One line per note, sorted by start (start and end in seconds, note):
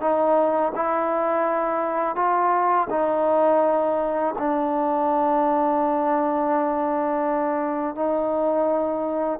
0.00 0.72 D#4
0.75 2.15 E4
2.15 2.88 F4
2.90 4.34 D#4
4.38 7.95 D4
7.95 9.39 D#4